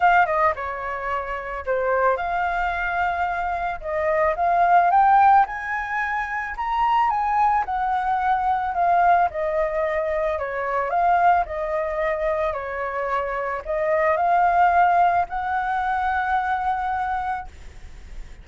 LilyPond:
\new Staff \with { instrumentName = "flute" } { \time 4/4 \tempo 4 = 110 f''8 dis''8 cis''2 c''4 | f''2. dis''4 | f''4 g''4 gis''2 | ais''4 gis''4 fis''2 |
f''4 dis''2 cis''4 | f''4 dis''2 cis''4~ | cis''4 dis''4 f''2 | fis''1 | }